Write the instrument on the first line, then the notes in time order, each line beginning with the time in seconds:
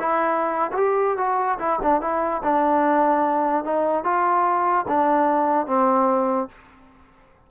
trombone
0.00 E4
0.72 F#4 G4
1.18 F#4
1.59 E4
1.83 D4
2.02 E4
2.44 D4
3.65 D#4
4.05 F4
4.89 D4
5.67 C4